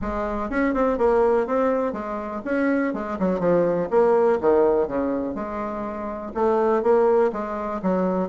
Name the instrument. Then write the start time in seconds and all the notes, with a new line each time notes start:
bassoon
0.01 G#3
0.49 C#4
0.74 C4
0.98 A#3
1.46 C4
1.92 G#3
2.44 C#4
2.93 G#3
3.19 F#3
3.39 F3
3.90 A#3
4.40 D#3
4.87 C#3
5.34 G#3
6.34 A3
6.82 A#3
7.32 G#3
7.82 F#3